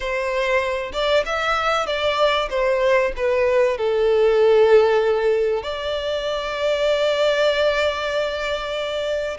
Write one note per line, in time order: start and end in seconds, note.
0.00 0.92 C5
0.92 1.24 D5
1.25 1.86 E5
1.86 2.48 D5
2.49 3.12 C5
3.16 3.77 B4
3.77 5.62 A4
5.62 9.38 D5